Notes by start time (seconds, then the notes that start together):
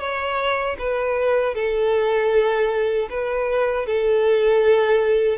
0.00 C#5
0.79 B4
1.55 A4
3.10 B4
3.87 A4